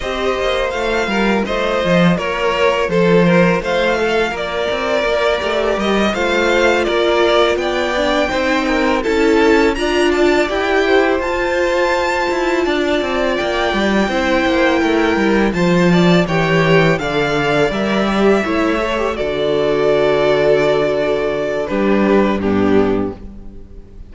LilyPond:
<<
  \new Staff \with { instrumentName = "violin" } { \time 4/4 \tempo 4 = 83 dis''4 f''4 dis''4 cis''4 | c''4 f''4 d''2 | dis''8 f''4 d''4 g''4.~ | g''8 a''4 ais''8 a''8 g''4 a''8~ |
a''2~ a''8 g''4.~ | g''4. a''4 g''4 f''8~ | f''8 e''2 d''4.~ | d''2 b'4 g'4 | }
  \new Staff \with { instrumentName = "violin" } { \time 4/4 c''4. ais'8 c''4 ais'4 | a'8 ais'8 c''8 a'8 ais'2~ | ais'8 c''4 ais'4 d''4 c''8 | ais'8 a'4 d''4. c''4~ |
c''4. d''2 c''8~ | c''8 ais'4 c''8 d''8 cis''4 d''8~ | d''4. cis''4 a'4.~ | a'2 g'4 d'4 | }
  \new Staff \with { instrumentName = "viola" } { \time 4/4 g'4 f'2.~ | f'2.~ f'8 g'8~ | g'8 f'2~ f'8 d'8 dis'8~ | dis'8 e'4 f'4 g'4 f'8~ |
f'2.~ f'8 e'8~ | e'4. f'4 g'4 a'8~ | a'8 ais'8 g'8 e'8 a'16 g'16 fis'4.~ | fis'2 d'4 b4 | }
  \new Staff \with { instrumentName = "cello" } { \time 4/4 c'8 ais8 a8 g8 a8 f8 ais4 | f4 a4 ais8 c'8 ais8 a8 | g8 a4 ais4 b4 c'8~ | c'8 cis'4 d'4 e'4 f'8~ |
f'4 e'8 d'8 c'8 ais8 g8 c'8 | ais8 a8 g8 f4 e4 d8~ | d8 g4 a4 d4.~ | d2 g4 g,4 | }
>>